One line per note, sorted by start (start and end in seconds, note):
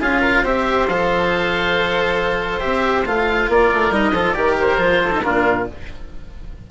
0.00 0.43 C#4
0.00 0.44 F4
0.00 0.21 G#4
0.00 0.46 F5
0.21 0.42 A#4
0.42 0.87 C4
0.42 0.88 G4
0.42 3.47 C5
0.42 0.87 E5
0.87 2.62 F3
0.87 2.60 A4
0.87 2.60 F5
2.60 3.06 C4
2.60 3.04 G4
2.60 3.04 E5
3.05 3.48 A3
3.05 3.92 F4
3.05 3.50 F5
3.48 3.70 A#3
3.48 4.14 A#4
3.48 3.93 D5
3.73 3.90 A3
3.90 4.12 G3
3.90 4.14 D#4
3.90 4.32 D#5
4.12 4.34 F3
4.12 4.35 F4
4.12 4.35 A4
4.32 4.77 D#3
4.32 4.78 G4
4.32 5.03 A#4
4.32 4.54 D5
4.60 5.22 C5
4.77 5.21 F3
4.77 5.11 F4
5.04 5.24 A4
5.12 5.23 D#4
5.22 5.71 A#2
5.22 5.67 D4
5.22 5.67 F4
5.22 5.66 A#4